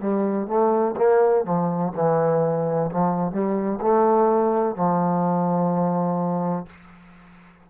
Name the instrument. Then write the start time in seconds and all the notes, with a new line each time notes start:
trombone
0.00 G3
0.47 A3
0.97 A#3
1.45 F3
1.95 E3
2.91 F3
3.32 G3
3.81 A3
4.76 F3